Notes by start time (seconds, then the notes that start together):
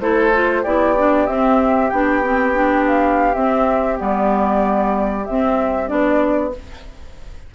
0.00 A3 E4 A4 C5
0.34 F4
0.62 B3 E4 G4 D5
0.97 D4
1.26 C4 E5
1.90 B3 D4 G5
2.23 C4
2.54 D4
2.87 F5
3.34 C4 E5
3.97 G3 B3 D5
5.26 C4 E5
5.87 B3 D4 D5